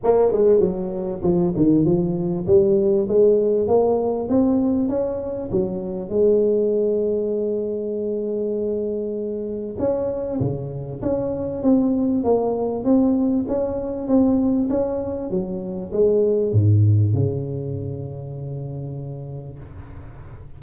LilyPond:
\new Staff \with { instrumentName = "tuba" } { \time 4/4 \tempo 4 = 98 ais8 gis8 fis4 f8 dis8 f4 | g4 gis4 ais4 c'4 | cis'4 fis4 gis2~ | gis1 |
cis'4 cis4 cis'4 c'4 | ais4 c'4 cis'4 c'4 | cis'4 fis4 gis4 gis,4 | cis1 | }